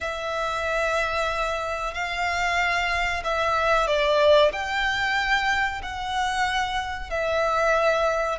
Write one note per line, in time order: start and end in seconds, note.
0.01 1.94 E5
1.94 3.23 F5
3.23 3.87 E5
3.87 4.52 D5
4.52 5.81 G5
5.82 7.09 F#5
7.09 8.38 E5